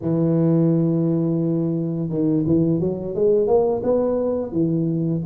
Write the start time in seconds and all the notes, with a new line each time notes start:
0.01 E3
2.09 D#3
2.46 E3
2.80 F#3
3.15 G#3
3.47 A#3
3.83 B3
4.52 E3